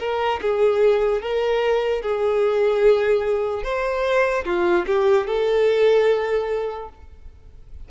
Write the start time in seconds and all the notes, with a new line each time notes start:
0.00 A#4
0.42 G#4
1.22 A#4
2.02 G#4
3.63 C5
4.45 F4
4.86 G4
5.27 A4